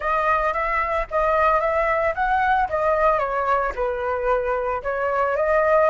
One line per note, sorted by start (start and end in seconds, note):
0.00 0.53 D#5
0.53 1.06 E5
1.11 1.60 D#5
1.60 2.14 E5
2.15 2.68 F#5
2.69 3.19 D#5
3.19 3.72 C#5
3.75 4.82 B4
4.82 5.36 C#5
5.36 5.89 D#5